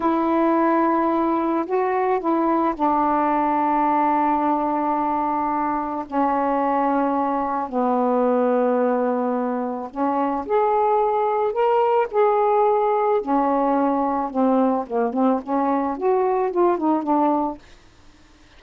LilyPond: \new Staff \with { instrumentName = "saxophone" } { \time 4/4 \tempo 4 = 109 e'2. fis'4 | e'4 d'2.~ | d'2. cis'4~ | cis'2 b2~ |
b2 cis'4 gis'4~ | gis'4 ais'4 gis'2 | cis'2 c'4 ais8 c'8 | cis'4 fis'4 f'8 dis'8 d'4 | }